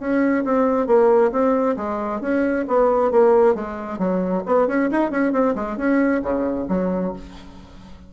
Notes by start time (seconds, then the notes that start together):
0.00 C#4
0.45 C4
0.87 A#3
1.32 C4
1.77 G#3
2.21 C#4
2.68 B3
3.12 A#3
3.55 G#3
3.99 F#3
4.47 B3
4.68 C#4
4.92 D#4
5.12 C#4
5.33 C4
5.56 G#3
5.78 C#4
6.23 C#3
6.69 F#3